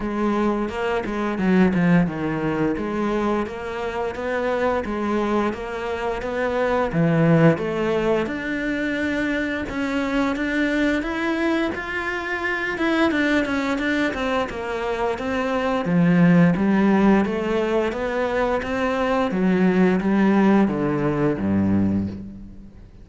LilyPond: \new Staff \with { instrumentName = "cello" } { \time 4/4 \tempo 4 = 87 gis4 ais8 gis8 fis8 f8 dis4 | gis4 ais4 b4 gis4 | ais4 b4 e4 a4 | d'2 cis'4 d'4 |
e'4 f'4. e'8 d'8 cis'8 | d'8 c'8 ais4 c'4 f4 | g4 a4 b4 c'4 | fis4 g4 d4 g,4 | }